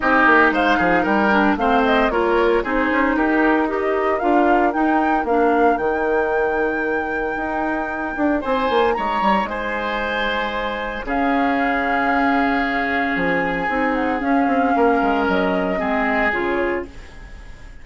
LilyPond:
<<
  \new Staff \with { instrumentName = "flute" } { \time 4/4 \tempo 4 = 114 dis''4 f''4 g''4 f''8 dis''8 | cis''4 c''4 ais'4 dis''4 | f''4 g''4 f''4 g''4~ | g''1 |
gis''4 ais''4 gis''2~ | gis''4 f''2.~ | f''4 gis''4. fis''8 f''4~ | f''4 dis''2 cis''4 | }
  \new Staff \with { instrumentName = "oboe" } { \time 4/4 g'4 c''8 gis'8 ais'4 c''4 | ais'4 gis'4 g'4 ais'4~ | ais'1~ | ais'1 |
c''4 cis''4 c''2~ | c''4 gis'2.~ | gis'1 | ais'2 gis'2 | }
  \new Staff \with { instrumentName = "clarinet" } { \time 4/4 dis'2~ dis'8 d'8 c'4 | f'4 dis'2 g'4 | f'4 dis'4 d'4 dis'4~ | dis'1~ |
dis'1~ | dis'4 cis'2.~ | cis'2 dis'4 cis'4~ | cis'2 c'4 f'4 | }
  \new Staff \with { instrumentName = "bassoon" } { \time 4/4 c'8 ais8 gis8 f8 g4 a4 | ais4 c'8 cis'8 dis'2 | d'4 dis'4 ais4 dis4~ | dis2 dis'4. d'8 |
c'8 ais8 gis8 g8 gis2~ | gis4 cis2.~ | cis4 f4 c'4 cis'8 c'8 | ais8 gis8 fis4 gis4 cis4 | }
>>